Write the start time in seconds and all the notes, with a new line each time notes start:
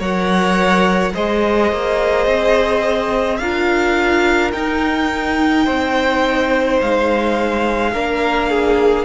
0.00 F#3 A#4 C#5 F#5
1.14 G#3 G#4 C5 D#5
1.72 A#3
2.27 C4
3.38 D4 F4 A#4 F5
4.53 D#4 G5
5.65 C4 C5
6.82 G#3 F5
7.93 A#3 D4 A#4
8.50 G#4